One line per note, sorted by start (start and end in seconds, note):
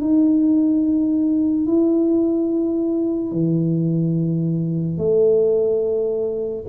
0.00 1.66 D#4
1.66 3.31 E4
3.31 4.97 E3
4.97 6.64 A3